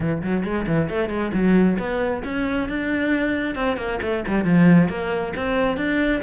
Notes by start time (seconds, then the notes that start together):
0.00 E3
0.22 F#3
0.43 G#3
0.67 E3
0.89 A3
1.09 G#3
1.33 F#3
1.78 B3
2.24 C#4
2.68 D4
3.55 C4
3.76 A#3
4.02 A3
4.27 G3
4.44 F3
4.88 A#3
5.36 C4
5.77 D4